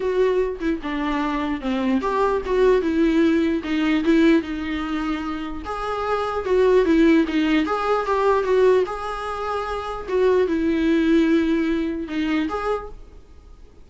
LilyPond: \new Staff \with { instrumentName = "viola" } { \time 4/4 \tempo 4 = 149 fis'4. e'8 d'2 | c'4 g'4 fis'4 e'4~ | e'4 dis'4 e'4 dis'4~ | dis'2 gis'2 |
fis'4 e'4 dis'4 gis'4 | g'4 fis'4 gis'2~ | gis'4 fis'4 e'2~ | e'2 dis'4 gis'4 | }